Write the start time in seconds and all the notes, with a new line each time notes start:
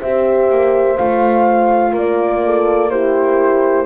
0.00 C4 G4 C5 E5
0.49 A#3
0.97 A3 F4 F5
1.92 A#3 A#4 D5
2.44 A4
2.90 E4 G4 C5